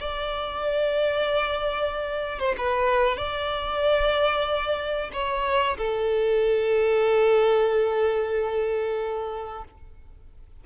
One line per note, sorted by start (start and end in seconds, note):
0.00 2.40 D5
2.40 2.56 C5
2.58 3.18 B4
3.18 5.11 D5
5.13 5.78 C#5
5.78 9.65 A4